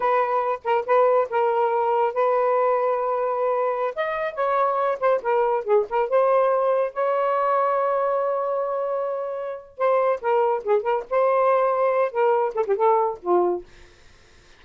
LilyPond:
\new Staff \with { instrumentName = "saxophone" } { \time 4/4 \tempo 4 = 141 b'4. ais'8 b'4 ais'4~ | ais'4 b'2.~ | b'4~ b'16 dis''4 cis''4. c''16~ | c''16 ais'4 gis'8 ais'8 c''4.~ c''16~ |
c''16 cis''2.~ cis''8.~ | cis''2. c''4 | ais'4 gis'8 ais'8 c''2~ | c''8 ais'4 a'16 g'16 a'4 f'4 | }